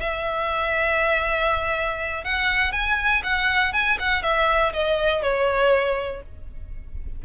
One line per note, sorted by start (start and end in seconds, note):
0.00 2.24 E5
2.24 2.72 F#5
2.72 3.22 G#5
3.24 3.73 F#5
3.73 3.98 G#5
4.00 4.23 F#5
4.23 4.73 E5
4.73 5.22 D#5
5.22 6.22 C#5